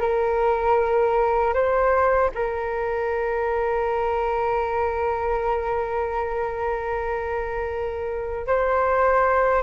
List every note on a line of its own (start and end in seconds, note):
0.00 1.54 A#4
1.54 2.31 C5
2.35 8.47 A#4
8.47 9.63 C5